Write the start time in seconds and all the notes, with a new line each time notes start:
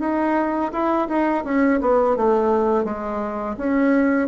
0.00 D#4
0.73 E4
1.09 D#4
1.44 C#4
1.81 B3
2.17 A3
2.85 G#3
3.57 C#4